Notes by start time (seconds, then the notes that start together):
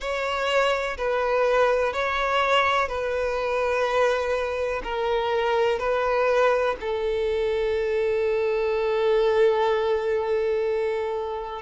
0.00 C#5
0.97 B4
1.93 C#5
2.88 B4
4.83 A#4
5.78 B4
6.80 A4